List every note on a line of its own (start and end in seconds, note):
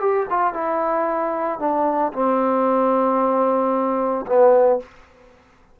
0.00 0.27 G4
0.30 0.53 F4
0.53 1.60 E4
1.60 2.13 D4
2.13 4.26 C4
4.26 4.80 B3